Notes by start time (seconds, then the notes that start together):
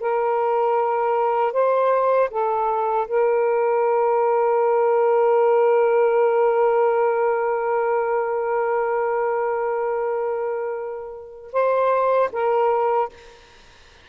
0.00 A#4
1.53 C5
2.30 A4
3.08 A#4
11.53 C5
12.33 A#4